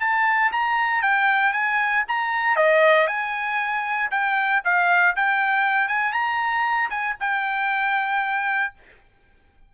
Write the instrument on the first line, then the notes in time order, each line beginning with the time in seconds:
trumpet
0.00 A5
0.52 A#5
1.02 G5
1.53 G#5
2.08 A#5
2.56 D#5
3.07 G#5
4.10 G5
4.64 F5
5.16 G5
5.88 G#5
6.12 A#5
6.90 G#5
7.20 G5